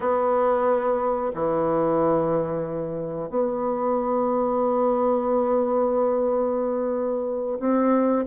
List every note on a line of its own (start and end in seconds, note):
0.00 1.31 B3
1.34 3.29 E3
3.29 7.58 B3
7.59 8.25 C4